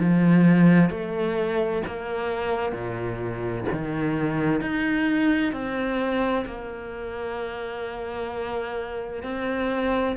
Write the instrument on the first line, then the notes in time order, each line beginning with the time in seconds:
cello
0.00 F3
0.90 A3
1.87 A#3
2.72 A#2
3.73 D#3
4.61 D#4
5.53 C4
6.46 A#3
9.23 C4